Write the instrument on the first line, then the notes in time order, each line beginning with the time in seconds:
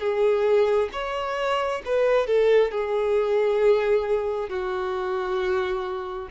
violin
0.00 G#4
0.93 C#5
1.86 B4
2.27 A4
2.72 G#4
4.50 F#4